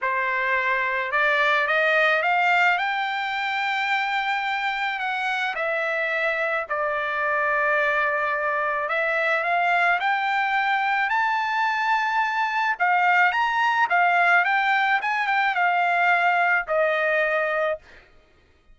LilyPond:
\new Staff \with { instrumentName = "trumpet" } { \time 4/4 \tempo 4 = 108 c''2 d''4 dis''4 | f''4 g''2.~ | g''4 fis''4 e''2 | d''1 |
e''4 f''4 g''2 | a''2. f''4 | ais''4 f''4 g''4 gis''8 g''8 | f''2 dis''2 | }